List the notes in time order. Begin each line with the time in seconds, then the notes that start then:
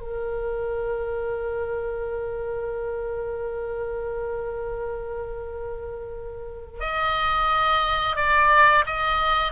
0.00 A#4
6.80 D#5
8.16 D5
8.86 D#5